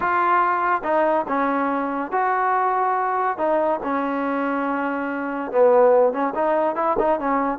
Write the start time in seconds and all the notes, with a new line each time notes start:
0.00 F4
0.83 D#4
1.28 C#4
2.11 F#4
3.37 D#4
3.83 C#4
5.51 B3
6.12 C#4
6.35 D#4
6.75 E4
6.98 D#4
7.19 C#4